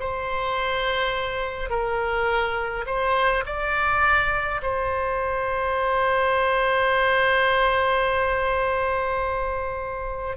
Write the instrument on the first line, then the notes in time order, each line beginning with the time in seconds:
oboe
0.00 C5
1.70 A#4
2.87 C5
3.46 D5
4.63 C5